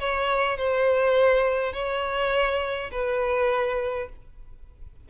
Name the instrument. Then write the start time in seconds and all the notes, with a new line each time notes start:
violin
0.00 C#5
0.58 C5
1.73 C#5
2.92 B4